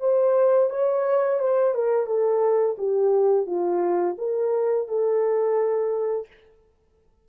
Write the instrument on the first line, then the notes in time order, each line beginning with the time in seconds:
horn
0.00 C5
0.70 C#5
1.40 C5
1.74 A#4
2.06 A4
2.78 G4
3.46 F4
4.18 A#4
4.88 A4